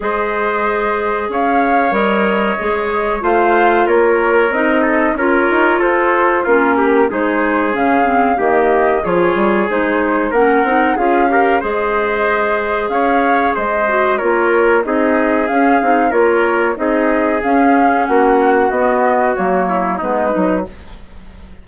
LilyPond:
<<
  \new Staff \with { instrumentName = "flute" } { \time 4/4 \tempo 4 = 93 dis''2 f''4 dis''4~ | dis''4 f''4 cis''4 dis''4 | cis''4 c''4 ais'4 c''4 | f''4 dis''4 cis''4 c''4 |
fis''4 f''4 dis''2 | f''4 dis''4 cis''4 dis''4 | f''4 cis''4 dis''4 f''4 | fis''4 dis''4 cis''4 b'4 | }
  \new Staff \with { instrumentName = "trumpet" } { \time 4/4 c''2 cis''2~ | cis''4 c''4 ais'4. a'8 | ais'4 a'4 f'8 g'8 gis'4~ | gis'4 g'4 gis'2 |
ais'4 gis'8 ais'8 c''2 | cis''4 c''4 ais'4 gis'4~ | gis'4 ais'4 gis'2 | fis'2~ fis'8 e'8 dis'4 | }
  \new Staff \with { instrumentName = "clarinet" } { \time 4/4 gis'2. ais'4 | gis'4 f'2 dis'4 | f'2 cis'4 dis'4 | cis'8 c'8 ais4 f'4 dis'4 |
cis'8 dis'8 f'8 g'8 gis'2~ | gis'4. fis'8 f'4 dis'4 | cis'8 dis'8 f'4 dis'4 cis'4~ | cis'4 b4 ais4 b8 dis'8 | }
  \new Staff \with { instrumentName = "bassoon" } { \time 4/4 gis2 cis'4 g4 | gis4 a4 ais4 c'4 | cis'8 dis'8 f'4 ais4 gis4 | cis4 dis4 f8 g8 gis4 |
ais8 c'8 cis'4 gis2 | cis'4 gis4 ais4 c'4 | cis'8 c'8 ais4 c'4 cis'4 | ais4 b4 fis4 gis8 fis8 | }
>>